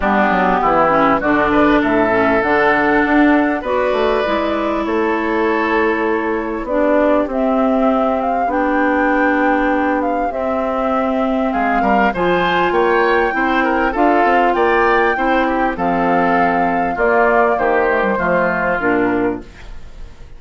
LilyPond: <<
  \new Staff \with { instrumentName = "flute" } { \time 4/4 \tempo 4 = 99 g'2 d''4 e''4 | fis''2 d''2 | cis''2. d''4 | e''4. f''8 g''2~ |
g''8 f''8 e''2 f''4 | gis''4 g''2 f''4 | g''2 f''2 | d''4 c''2 ais'4 | }
  \new Staff \with { instrumentName = "oboe" } { \time 4/4 d'4 e'4 fis'8 b'8 a'4~ | a'2 b'2 | a'2. g'4~ | g'1~ |
g'2. gis'8 ais'8 | c''4 cis''4 c''8 ais'8 a'4 | d''4 c''8 g'8 a'2 | f'4 g'4 f'2 | }
  \new Staff \with { instrumentName = "clarinet" } { \time 4/4 b4. cis'8 d'4. cis'8 | d'2 fis'4 e'4~ | e'2. d'4 | c'2 d'2~ |
d'4 c'2. | f'2 e'4 f'4~ | f'4 e'4 c'2 | ais4. a16 g16 a4 d'4 | }
  \new Staff \with { instrumentName = "bassoon" } { \time 4/4 g8 fis8 e4 d4 a,4 | d4 d'4 b8 a8 gis4 | a2. b4 | c'2 b2~ |
b4 c'2 gis8 g8 | f4 ais4 c'4 d'8 c'8 | ais4 c'4 f2 | ais4 dis4 f4 ais,4 | }
>>